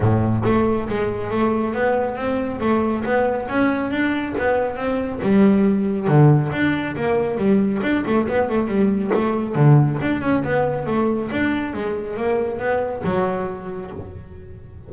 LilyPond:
\new Staff \with { instrumentName = "double bass" } { \time 4/4 \tempo 4 = 138 a,4 a4 gis4 a4 | b4 c'4 a4 b4 | cis'4 d'4 b4 c'4 | g2 d4 d'4 |
ais4 g4 d'8 a8 b8 a8 | g4 a4 d4 d'8 cis'8 | b4 a4 d'4 gis4 | ais4 b4 fis2 | }